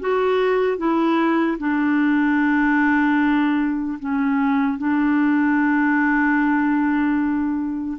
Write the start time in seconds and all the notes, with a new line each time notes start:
0.00 F#4
0.77 E4
1.58 D4
3.99 C#4
4.78 D4